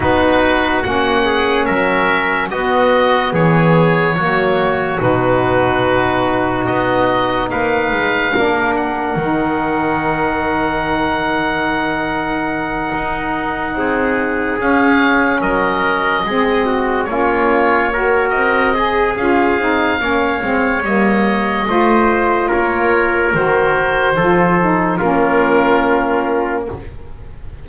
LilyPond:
<<
  \new Staff \with { instrumentName = "oboe" } { \time 4/4 \tempo 4 = 72 b'4 fis''4 e''4 dis''4 | cis''2 b'2 | dis''4 f''4. fis''4.~ | fis''1~ |
fis''4. f''4 dis''4.~ | dis''8 cis''4. dis''4 f''4~ | f''4 dis''2 cis''4 | c''2 ais'2 | }
  \new Staff \with { instrumentName = "trumpet" } { \time 4/4 fis'4. gis'8 ais'4 fis'4 | gis'4 fis'2.~ | fis'4 b'4 ais'2~ | ais'1~ |
ais'8 gis'2 ais'4 gis'8 | fis'8 f'4 ais'4 gis'4. | cis''2 c''4 ais'4~ | ais'4 a'4 f'2 | }
  \new Staff \with { instrumentName = "saxophone" } { \time 4/4 dis'4 cis'2 b4~ | b4 ais4 dis'2~ | dis'2 d'4 dis'4~ | dis'1~ |
dis'4. cis'2 c'8~ | c'8 cis'4 fis'4 gis'8 f'8 dis'8 | cis'8 c'8 ais4 f'2 | fis'4 f'8 dis'8 cis'2 | }
  \new Staff \with { instrumentName = "double bass" } { \time 4/4 b4 ais4 fis4 b4 | e4 fis4 b,2 | b4 ais8 gis8 ais4 dis4~ | dis2.~ dis8 dis'8~ |
dis'8 c'4 cis'4 fis4 gis8~ | gis8 ais4. c'4 cis'8 c'8 | ais8 gis8 g4 a4 ais4 | dis4 f4 ais2 | }
>>